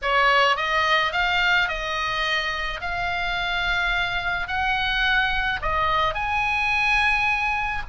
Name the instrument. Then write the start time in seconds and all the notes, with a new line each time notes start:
oboe
0.02 C#5
0.56 D#5
1.12 F5
1.68 D#5
2.80 F5
4.47 F#5
5.62 D#5
6.14 G#5